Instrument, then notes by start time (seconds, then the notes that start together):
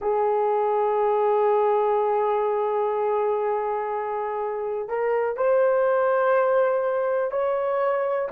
horn
0.01 G#4
4.88 A#4
5.36 C5
7.31 C#5